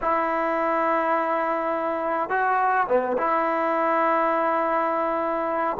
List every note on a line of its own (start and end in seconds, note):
0.01 2.29 E4
2.29 2.87 F#4
2.87 3.16 B3
3.17 5.77 E4